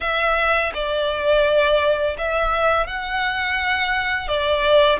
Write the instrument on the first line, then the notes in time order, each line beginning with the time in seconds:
violin
0.00 E5
0.73 D5
2.18 E5
2.86 F#5
4.28 D5